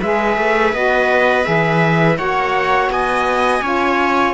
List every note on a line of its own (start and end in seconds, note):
0.00 0.37 G#3
0.00 0.74 G#4
0.00 2.17 B4
0.00 0.74 E5
0.37 0.73 A3
0.73 1.45 B3
0.73 1.43 F#4
0.73 1.45 D#5
1.43 2.18 E3
1.43 2.15 G#4
1.43 2.17 E5
2.16 2.88 A#3
2.16 3.61 F#4
2.16 2.90 C#5
2.16 2.90 F#5
2.88 3.61 B3
2.88 3.62 D#5
2.88 4.34 G#5
3.62 4.34 C#4
3.62 4.34 F4
3.62 4.34 C#5